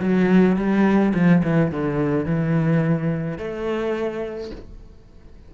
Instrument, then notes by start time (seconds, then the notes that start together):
cello
0.00 F#3
0.57 G3
1.14 F3
1.44 E3
1.72 D3
2.26 E3
3.38 A3